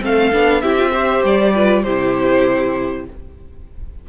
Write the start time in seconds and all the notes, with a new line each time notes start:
0.00 A3 C4 A4 F5
0.32 B3 D4
0.61 C4 E4 G4 E5
0.78 F4
0.91 G4 C5
1.23 G3 D5
1.54 F4 B4
1.83 C3 E4 G4 C5